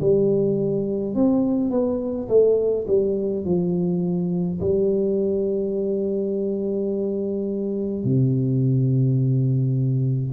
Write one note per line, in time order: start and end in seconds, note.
0.00 1.15 G3
1.15 1.70 C4
1.70 2.28 B3
2.28 2.86 A3
2.87 3.45 G3
3.45 4.60 F3
4.60 8.04 G3
8.04 10.33 C3